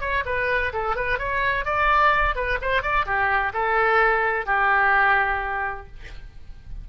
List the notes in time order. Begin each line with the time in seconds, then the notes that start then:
0.00 C#5
0.25 B4
0.73 A4
0.95 B4
1.18 C#5
1.65 D5
2.35 B4
2.61 C5
2.82 D5
3.06 G4
3.53 A4
4.46 G4